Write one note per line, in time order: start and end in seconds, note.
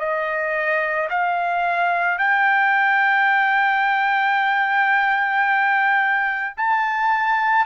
0.00 1.09 D#5
1.10 2.19 F5
2.19 6.55 G5
6.58 7.66 A5